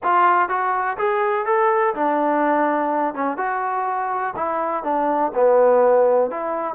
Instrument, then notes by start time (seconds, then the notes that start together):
trombone
0.03 F4
0.49 F#4
0.97 G#4
1.45 A4
1.94 D4
3.14 C#4
3.37 F#4
4.35 E4
4.83 D4
5.34 B3
6.30 E4